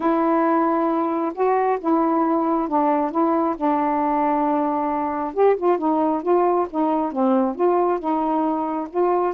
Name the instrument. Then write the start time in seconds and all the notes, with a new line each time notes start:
saxophone
0.00 E4
1.34 F#4
1.80 E4
2.68 D4
3.11 E4
3.56 D4
5.34 G4
5.56 F4
5.78 D#4
6.22 F4
6.69 D#4
7.12 C4
7.55 F4
7.99 D#4
8.89 F4